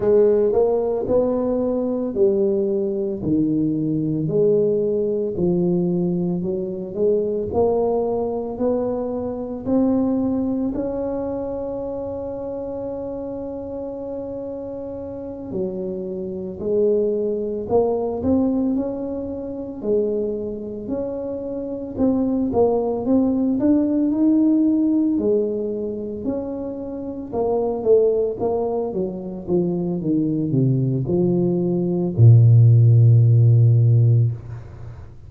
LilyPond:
\new Staff \with { instrumentName = "tuba" } { \time 4/4 \tempo 4 = 56 gis8 ais8 b4 g4 dis4 | gis4 f4 fis8 gis8 ais4 | b4 c'4 cis'2~ | cis'2~ cis'8 fis4 gis8~ |
gis8 ais8 c'8 cis'4 gis4 cis'8~ | cis'8 c'8 ais8 c'8 d'8 dis'4 gis8~ | gis8 cis'4 ais8 a8 ais8 fis8 f8 | dis8 c8 f4 ais,2 | }